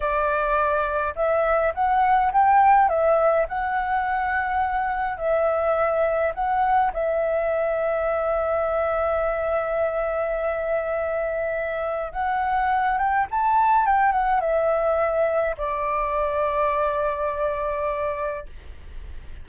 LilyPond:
\new Staff \with { instrumentName = "flute" } { \time 4/4 \tempo 4 = 104 d''2 e''4 fis''4 | g''4 e''4 fis''2~ | fis''4 e''2 fis''4 | e''1~ |
e''1~ | e''4 fis''4. g''8 a''4 | g''8 fis''8 e''2 d''4~ | d''1 | }